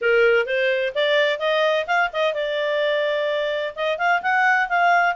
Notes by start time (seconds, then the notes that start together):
0.01 A#4
0.46 C5
0.94 D5
1.39 D#5
1.86 F5
2.12 D#5
2.33 D5
3.75 D#5
3.98 F5
4.21 F#5
4.69 F5